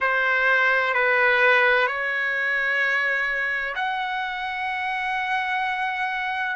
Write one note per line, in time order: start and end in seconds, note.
0.00 0.94 C5
0.94 1.87 B4
1.87 3.75 C#5
3.75 6.56 F#5